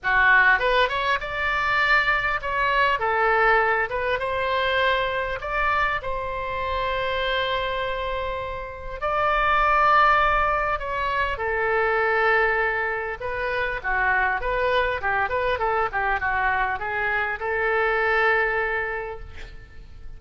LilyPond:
\new Staff \with { instrumentName = "oboe" } { \time 4/4 \tempo 4 = 100 fis'4 b'8 cis''8 d''2 | cis''4 a'4. b'8 c''4~ | c''4 d''4 c''2~ | c''2. d''4~ |
d''2 cis''4 a'4~ | a'2 b'4 fis'4 | b'4 g'8 b'8 a'8 g'8 fis'4 | gis'4 a'2. | }